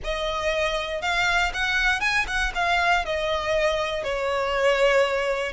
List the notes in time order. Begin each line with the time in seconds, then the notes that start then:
0.04 D#5
1.01 F5
1.53 F#5
2.00 G#5
2.27 F#5
2.54 F5
3.05 D#5
4.03 C#5